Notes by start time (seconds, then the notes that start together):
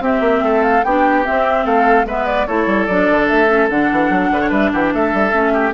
0.00 C4 G4 E5
0.20 A#3
0.42 A3 A4
0.63 F5
0.83 B3 D4 G4 G5
1.25 C4 E5
1.65 A3 A4 F5
2.05 G#3 B3 B4 E5
2.26 D5
2.46 A3 E4 A4 C#5
2.66 G3
2.86 F#3 D4 D5
3.11 D3
3.28 A3 E5
3.48 C#4
3.69 D3 D4 F#5
3.91 E3
4.10 F#3
4.31 D3 B4
4.40 C#5
4.49 G3 B4 E5
4.72 E3 G4 F#5
4.82 G5
4.93 A3 A4 E5
5.13 G3
5.32 A3 C#4
5.53 G4